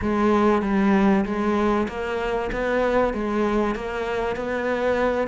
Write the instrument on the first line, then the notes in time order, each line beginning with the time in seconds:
cello
0.01 G#3
0.62 G3
1.25 G#3
1.88 A#3
2.52 B3
3.13 G#3
3.75 A#3
4.36 B3